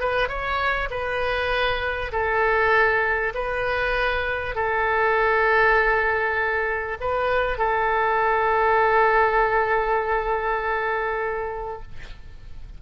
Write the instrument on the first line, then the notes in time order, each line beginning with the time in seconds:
oboe
0.00 B4
0.28 C#5
0.91 B4
2.12 A4
3.34 B4
4.55 A4
7.00 B4
7.58 A4